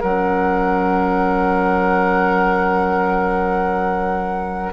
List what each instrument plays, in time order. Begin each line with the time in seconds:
0.00 bassoon F#3, clarinet C#4, oboe A#4, flute F#5